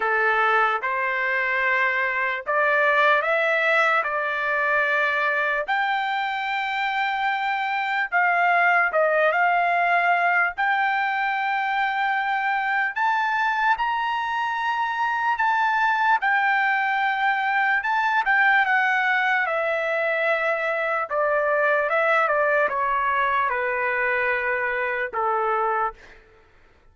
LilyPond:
\new Staff \with { instrumentName = "trumpet" } { \time 4/4 \tempo 4 = 74 a'4 c''2 d''4 | e''4 d''2 g''4~ | g''2 f''4 dis''8 f''8~ | f''4 g''2. |
a''4 ais''2 a''4 | g''2 a''8 g''8 fis''4 | e''2 d''4 e''8 d''8 | cis''4 b'2 a'4 | }